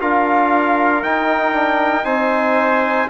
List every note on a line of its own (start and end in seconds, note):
0.00 1.04 D4
0.00 1.03 F4
0.00 2.05 A#4
0.00 1.03 F5
1.03 2.05 D#4
1.03 1.54 D#4
1.03 2.05 G5
1.54 2.04 D4
2.04 3.08 C4
2.04 3.07 D#4
2.04 3.09 C5
2.04 3.08 G#5